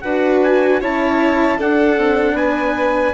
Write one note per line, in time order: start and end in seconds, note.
0.00 0.81 D4
0.00 0.81 F#4
0.00 0.81 B4
0.00 0.39 F#5
0.42 0.81 G#5
0.81 1.59 C#4
0.81 1.57 E4
0.81 1.57 C#5
0.81 1.60 A5
1.57 3.13 D4
1.57 1.97 D4
1.57 2.35 A4
1.57 2.36 F#5
1.97 2.32 C4
2.32 3.10 B3
2.32 3.13 B4
2.32 3.13 G#5